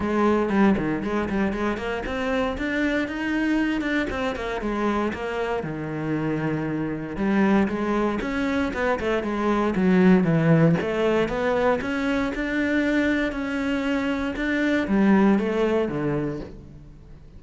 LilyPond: \new Staff \with { instrumentName = "cello" } { \time 4/4 \tempo 4 = 117 gis4 g8 dis8 gis8 g8 gis8 ais8 | c'4 d'4 dis'4. d'8 | c'8 ais8 gis4 ais4 dis4~ | dis2 g4 gis4 |
cis'4 b8 a8 gis4 fis4 | e4 a4 b4 cis'4 | d'2 cis'2 | d'4 g4 a4 d4 | }